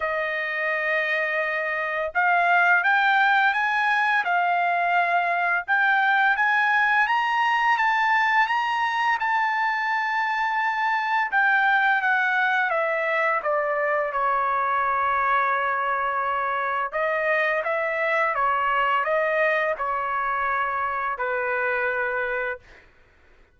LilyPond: \new Staff \with { instrumentName = "trumpet" } { \time 4/4 \tempo 4 = 85 dis''2. f''4 | g''4 gis''4 f''2 | g''4 gis''4 ais''4 a''4 | ais''4 a''2. |
g''4 fis''4 e''4 d''4 | cis''1 | dis''4 e''4 cis''4 dis''4 | cis''2 b'2 | }